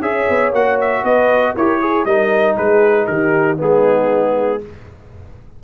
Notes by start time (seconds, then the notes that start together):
0.00 C#4 G#4 C#5 E5
0.29 B3
0.52 A#3 F#4 F#5
0.80 E5
1.02 B3 B4 D#5
1.55 E4 G4 A#4 C#5
1.81 G#4
2.05 G3 D#4 A#4 D#5
2.56 G#3 G#4 B4
3.07 D#3 G4 A#4
3.57 G#3 B3 D#4 G#4